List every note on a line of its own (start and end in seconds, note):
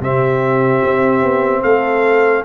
0.00 0.81 C3
0.00 2.45 C4
0.00 1.61 G4
0.00 1.63 E5
0.84 1.22 C4
1.22 1.63 B3
1.61 2.45 A3
1.61 2.42 A4
1.61 2.44 F5